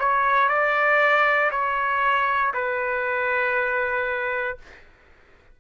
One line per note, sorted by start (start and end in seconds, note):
0.00 0.49 C#5
0.49 1.51 D5
1.52 2.53 C#5
2.54 4.58 B4